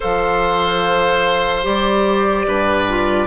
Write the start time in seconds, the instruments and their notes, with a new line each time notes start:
0.00 bassoon F3, clarinet A4, oboe C5, flute F5
1.63 bassoon G3, clarinet G4, flute D5
2.47 bassoon G2, oboe B4
2.89 clarinet F4